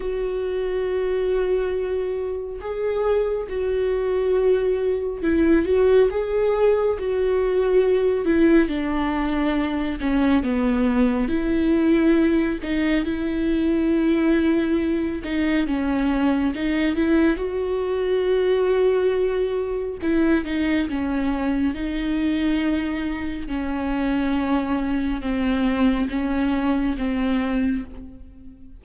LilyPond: \new Staff \with { instrumentName = "viola" } { \time 4/4 \tempo 4 = 69 fis'2. gis'4 | fis'2 e'8 fis'8 gis'4 | fis'4. e'8 d'4. cis'8 | b4 e'4. dis'8 e'4~ |
e'4. dis'8 cis'4 dis'8 e'8 | fis'2. e'8 dis'8 | cis'4 dis'2 cis'4~ | cis'4 c'4 cis'4 c'4 | }